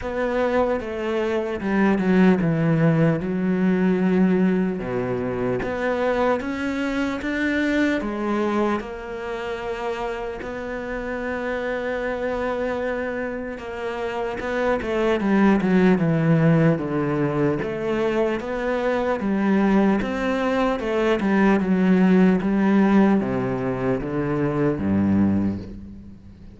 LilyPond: \new Staff \with { instrumentName = "cello" } { \time 4/4 \tempo 4 = 75 b4 a4 g8 fis8 e4 | fis2 b,4 b4 | cis'4 d'4 gis4 ais4~ | ais4 b2.~ |
b4 ais4 b8 a8 g8 fis8 | e4 d4 a4 b4 | g4 c'4 a8 g8 fis4 | g4 c4 d4 g,4 | }